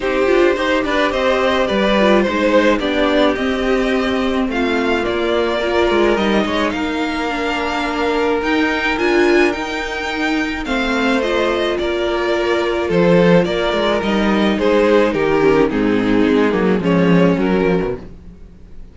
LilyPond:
<<
  \new Staff \with { instrumentName = "violin" } { \time 4/4 \tempo 4 = 107 c''4. d''8 dis''4 d''4 | c''4 d''4 dis''2 | f''4 d''2 dis''4 | f''2. g''4 |
gis''4 g''2 f''4 | dis''4 d''2 c''4 | d''4 dis''4 c''4 ais'4 | gis'2 cis''4 ais'4 | }
  \new Staff \with { instrumentName = "violin" } { \time 4/4 g'4 c''8 b'8 c''4 b'4 | c''4 g'2. | f'2 ais'4. cis''8 | ais'1~ |
ais'2. c''4~ | c''4 ais'2 a'4 | ais'2 gis'4 g'4 | dis'2 cis'2 | }
  \new Staff \with { instrumentName = "viola" } { \time 4/4 dis'8 f'8 g'2~ g'8 f'8 | dis'4 d'4 c'2~ | c'4 ais4 f'4 dis'4~ | dis'4 d'2 dis'4 |
f'4 dis'2 c'4 | f'1~ | f'4 dis'2~ dis'8 cis'8 | c'4. ais8 gis4 fis4 | }
  \new Staff \with { instrumentName = "cello" } { \time 4/4 c'8 d'8 dis'8 d'8 c'4 g4 | gis4 b4 c'2 | a4 ais4. gis8 g8 gis8 | ais2. dis'4 |
d'4 dis'2 a4~ | a4 ais2 f4 | ais8 gis8 g4 gis4 dis4 | gis,4 gis8 fis8 f4 fis8 f16 b,16 | }
>>